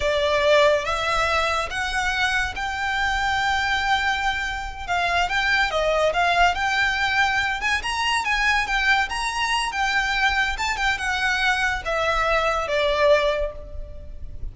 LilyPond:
\new Staff \with { instrumentName = "violin" } { \time 4/4 \tempo 4 = 142 d''2 e''2 | fis''2 g''2~ | g''2.~ g''8 f''8~ | f''8 g''4 dis''4 f''4 g''8~ |
g''2 gis''8 ais''4 gis''8~ | gis''8 g''4 ais''4. g''4~ | g''4 a''8 g''8 fis''2 | e''2 d''2 | }